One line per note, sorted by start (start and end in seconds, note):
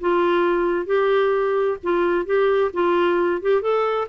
0.00 0.86 F4
0.86 1.77 G4
1.83 2.25 F4
2.25 2.71 G4
2.73 3.41 F4
3.41 3.61 G4
3.61 4.07 A4